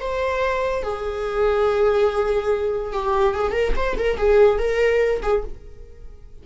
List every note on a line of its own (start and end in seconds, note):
0.00 0.83 C5
0.83 2.93 G#4
2.93 3.35 G4
3.35 3.52 G#4
3.52 3.73 A#4
3.76 3.97 C5
3.98 4.17 A#4
4.17 4.58 G#4
4.58 5.21 A#4
5.22 5.43 G#4